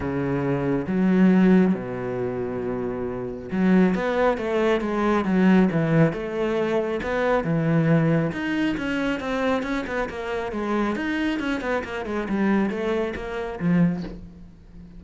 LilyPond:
\new Staff \with { instrumentName = "cello" } { \time 4/4 \tempo 4 = 137 cis2 fis2 | b,1 | fis4 b4 a4 gis4 | fis4 e4 a2 |
b4 e2 dis'4 | cis'4 c'4 cis'8 b8 ais4 | gis4 dis'4 cis'8 b8 ais8 gis8 | g4 a4 ais4 f4 | }